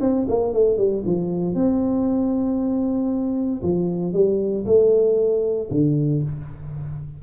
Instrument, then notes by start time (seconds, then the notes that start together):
tuba
0.00 C4
0.28 A#3
0.53 A3
0.77 G3
1.05 F3
1.54 C4
3.62 F3
4.13 G3
4.65 A3
5.70 D3